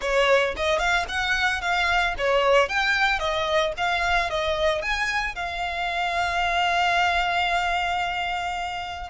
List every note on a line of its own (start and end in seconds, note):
0.01 0.54 C#5
0.56 0.78 D#5
0.78 1.05 F5
1.08 1.61 F#5
1.61 2.14 F5
2.18 2.69 C#5
2.69 3.19 G5
3.19 3.72 D#5
3.77 4.30 F5
4.30 4.81 D#5
4.81 5.35 G#5
5.35 9.09 F5